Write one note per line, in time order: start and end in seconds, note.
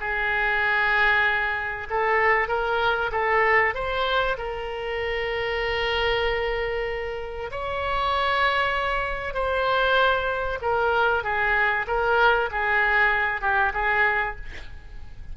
0.00 1.88 G#4
1.90 2.48 A4
2.48 3.11 A#4
3.12 3.74 A4
3.74 4.37 C5
4.38 7.50 A#4
7.51 9.34 C#5
9.34 10.59 C5
10.61 11.24 A#4
11.24 11.86 G#4
11.87 12.49 A#4
12.51 13.41 G#4
13.41 13.72 G4
13.74 14.36 G#4